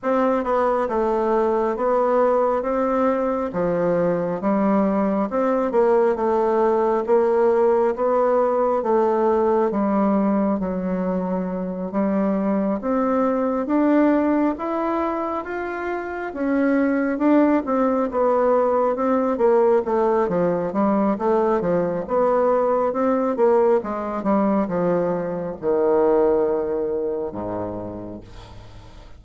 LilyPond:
\new Staff \with { instrumentName = "bassoon" } { \time 4/4 \tempo 4 = 68 c'8 b8 a4 b4 c'4 | f4 g4 c'8 ais8 a4 | ais4 b4 a4 g4 | fis4. g4 c'4 d'8~ |
d'8 e'4 f'4 cis'4 d'8 | c'8 b4 c'8 ais8 a8 f8 g8 | a8 f8 b4 c'8 ais8 gis8 g8 | f4 dis2 gis,4 | }